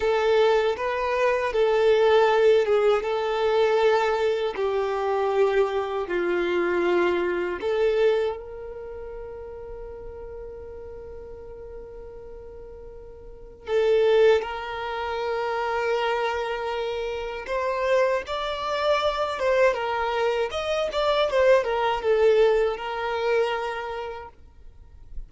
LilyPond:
\new Staff \with { instrumentName = "violin" } { \time 4/4 \tempo 4 = 79 a'4 b'4 a'4. gis'8 | a'2 g'2 | f'2 a'4 ais'4~ | ais'1~ |
ais'2 a'4 ais'4~ | ais'2. c''4 | d''4. c''8 ais'4 dis''8 d''8 | c''8 ais'8 a'4 ais'2 | }